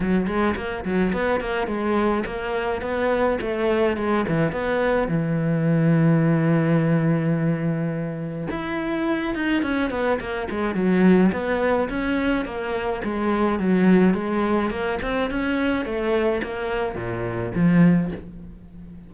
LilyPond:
\new Staff \with { instrumentName = "cello" } { \time 4/4 \tempo 4 = 106 fis8 gis8 ais8 fis8 b8 ais8 gis4 | ais4 b4 a4 gis8 e8 | b4 e2.~ | e2. e'4~ |
e'8 dis'8 cis'8 b8 ais8 gis8 fis4 | b4 cis'4 ais4 gis4 | fis4 gis4 ais8 c'8 cis'4 | a4 ais4 ais,4 f4 | }